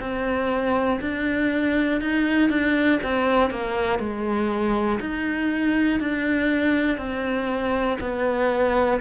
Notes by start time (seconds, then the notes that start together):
0.00 C4
1.00 D4
2.00 D#4
2.50 D4
3.03 C4
3.50 A#3
4.00 G#3
5.00 D#4
6.00 D4
6.98 C4
8.00 B3